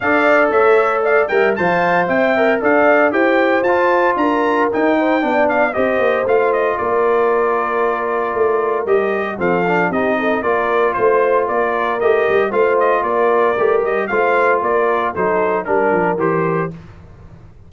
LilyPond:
<<
  \new Staff \with { instrumentName = "trumpet" } { \time 4/4 \tempo 4 = 115 f''4 e''4 f''8 g''8 a''4 | g''4 f''4 g''4 a''4 | ais''4 g''4. f''8 dis''4 | f''8 dis''8 d''2.~ |
d''4 dis''4 f''4 dis''4 | d''4 c''4 d''4 dis''4 | f''8 dis''8 d''4. dis''8 f''4 | d''4 c''4 ais'4 c''4 | }
  \new Staff \with { instrumentName = "horn" } { \time 4/4 d''4 cis''4 d''8 e''8 f''4 | e''4 d''4 c''2 | ais'4. c''8 d''4 c''4~ | c''4 ais'2.~ |
ais'2 a'4 g'8 a'8 | ais'4 c''4 ais'2 | c''4 ais'2 c''4 | ais'4 a'4 ais'2 | }
  \new Staff \with { instrumentName = "trombone" } { \time 4/4 a'2~ a'8 ais'8 c''4~ | c''8 ais'8 a'4 g'4 f'4~ | f'4 dis'4 d'4 g'4 | f'1~ |
f'4 g'4 c'8 d'8 dis'4 | f'2. g'4 | f'2 g'4 f'4~ | f'4 dis'4 d'4 g'4 | }
  \new Staff \with { instrumentName = "tuba" } { \time 4/4 d'4 a4. g8 f4 | c'4 d'4 e'4 f'4 | d'4 dis'4 b4 c'8 ais8 | a4 ais2. |
a4 g4 f4 c'4 | ais4 a4 ais4 a8 g8 | a4 ais4 a8 g8 a4 | ais4 fis4 g8 f8 e4 | }
>>